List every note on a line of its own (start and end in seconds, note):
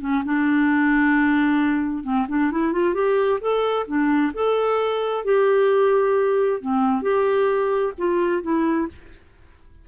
0.00 0.23 C#4
0.24 2.03 D4
2.03 2.26 C4
2.28 2.51 D4
2.51 2.72 E4
2.72 2.94 F4
2.94 3.39 G4
3.40 3.86 A4
3.87 4.32 D4
4.33 5.24 A4
5.24 6.60 G4
6.60 7.02 C4
7.02 7.93 G4
7.98 8.42 F4
8.42 8.87 E4